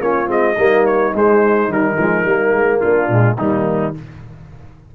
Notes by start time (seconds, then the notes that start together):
0.00 A#3 C#4 F4 C#5
0.27 G#3 C4 D#5
0.57 G3 A#3 D#4
0.86 C#5
1.14 G#3 C5
1.68 D#3 G3 A#4
1.98 F3 G#3
2.25 G3 A#3
2.52 G#3
2.80 A#3 D4 F4
3.09 A#2 G#3
3.37 D#3 G3 A#3 D#4